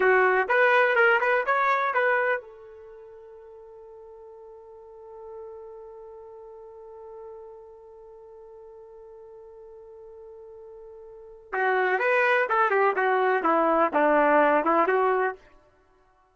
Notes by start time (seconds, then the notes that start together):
0.00 F#4
0.48 B4
0.95 A#4
1.20 B4
1.46 C#5
1.93 B4
2.41 A4
11.52 F#4
11.99 B4
12.49 A4
12.70 G4
12.96 F#4
13.43 E4
13.93 D4
14.64 E4
14.87 F#4